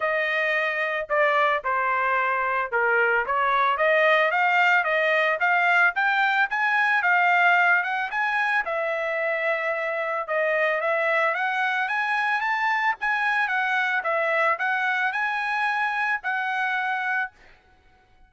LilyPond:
\new Staff \with { instrumentName = "trumpet" } { \time 4/4 \tempo 4 = 111 dis''2 d''4 c''4~ | c''4 ais'4 cis''4 dis''4 | f''4 dis''4 f''4 g''4 | gis''4 f''4. fis''8 gis''4 |
e''2. dis''4 | e''4 fis''4 gis''4 a''4 | gis''4 fis''4 e''4 fis''4 | gis''2 fis''2 | }